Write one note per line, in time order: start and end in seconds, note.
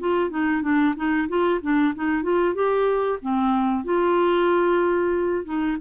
0.00 0.30 F4
0.30 0.62 D#4
0.62 0.95 D4
0.96 1.28 D#4
1.29 1.61 F4
1.62 1.94 D4
1.95 2.23 D#4
2.23 2.55 F4
2.55 3.20 G4
3.22 3.85 C4
3.85 5.45 F4
5.45 5.78 D#4